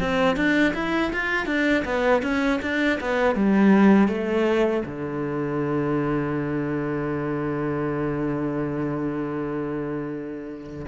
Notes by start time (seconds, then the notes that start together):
0.00 C4
0.36 D4
0.74 E4
1.12 F4
1.46 D4
1.85 B3
2.22 C#4
2.62 D4
3.00 B3
3.35 G3
4.08 A3
4.85 D3